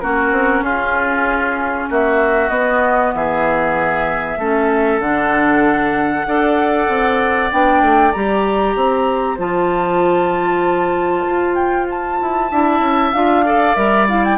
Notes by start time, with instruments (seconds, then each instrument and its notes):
0.00 bassoon A#3, clarinet C#4, oboe F#4, flute A#4
0.31 bassoon C4
0.61 bassoon C#4, oboe F4, flute G#4
1.89 bassoon A#3, oboe F#4, flute E5
2.49 bassoon B3, clarinet B3, flute D#5
3.13 bassoon E3, oboe G#4, flute E5
4.37 bassoon A3, clarinet C#4, oboe A4
4.99 bassoon D3, clarinet D4, flute F#5
6.26 bassoon D4, clarinet A4, oboe D5
6.88 bassoon C4
7.51 bassoon B3, clarinet D4, flute G5
7.81 bassoon A3
8.12 bassoon G3, clarinet G4, flute A#5
8.76 bassoon C4, oboe C5
9.38 bassoon F3, clarinet F4, flute A5
11.26 bassoon F4
11.55 flute G5
11.90 flute A5
12.21 bassoon E4
12.51 bassoon D4, clarinet E4, oboe E5
12.80 bassoon C#4
13.12 bassoon D4, clarinet F4, flute F5
13.45 clarinet A4, oboe D5
13.75 bassoon G3, clarinet A#4, flute E5
14.08 clarinet E4, flute F5
14.24 flute G5